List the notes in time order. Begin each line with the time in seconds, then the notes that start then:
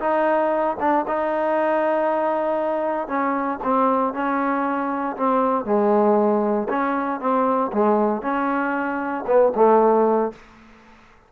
0.00 D#4
0.80 D4
1.08 D#4
3.08 C#4
3.64 C4
4.14 C#4
5.17 C4
5.65 G#3
6.69 C#4
7.21 C4
7.73 G#3
8.22 C#4
9.27 B3
9.55 A3